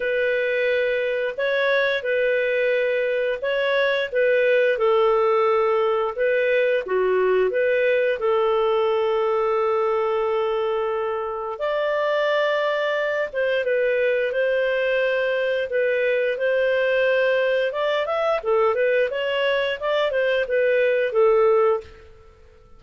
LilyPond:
\new Staff \with { instrumentName = "clarinet" } { \time 4/4 \tempo 4 = 88 b'2 cis''4 b'4~ | b'4 cis''4 b'4 a'4~ | a'4 b'4 fis'4 b'4 | a'1~ |
a'4 d''2~ d''8 c''8 | b'4 c''2 b'4 | c''2 d''8 e''8 a'8 b'8 | cis''4 d''8 c''8 b'4 a'4 | }